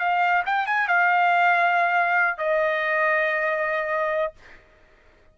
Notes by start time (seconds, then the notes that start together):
0.00 F5
0.46 G5
0.67 G#5
0.88 F5
2.38 D#5